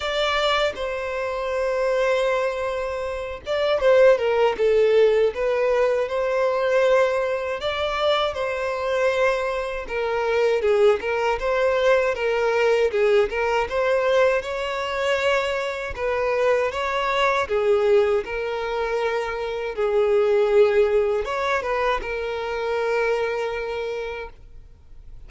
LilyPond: \new Staff \with { instrumentName = "violin" } { \time 4/4 \tempo 4 = 79 d''4 c''2.~ | c''8 d''8 c''8 ais'8 a'4 b'4 | c''2 d''4 c''4~ | c''4 ais'4 gis'8 ais'8 c''4 |
ais'4 gis'8 ais'8 c''4 cis''4~ | cis''4 b'4 cis''4 gis'4 | ais'2 gis'2 | cis''8 b'8 ais'2. | }